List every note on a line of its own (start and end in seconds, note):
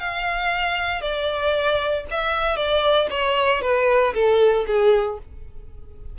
0.00 1.02 F5
1.02 2.05 D5
2.11 2.57 E5
2.57 3.08 D5
3.11 3.62 C#5
3.62 4.14 B4
4.14 4.66 A4
4.67 5.19 G#4